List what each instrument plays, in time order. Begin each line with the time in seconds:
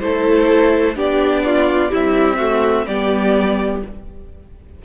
0.00 cello A3, viola E4, violin A4 C5
0.95 cello B3, viola D4, violin G4 D5
1.46 violin F4
1.89 viola G3, cello C4, violin E4 E5
2.37 viola A3, violin F#4
2.87 cello G3, viola B3, violin G4 D5